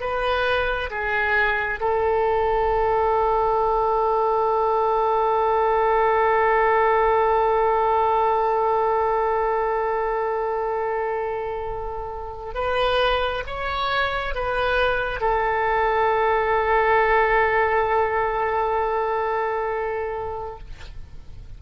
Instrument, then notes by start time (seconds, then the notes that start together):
oboe
0.00 B4
0.90 G#4
1.80 A4
12.54 B4
13.47 C#5
14.34 B4
15.21 A4